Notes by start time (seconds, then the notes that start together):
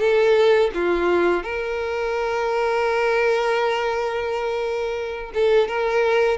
0.00 A4
0.74 F4
1.43 A#4
5.34 A4
5.68 A#4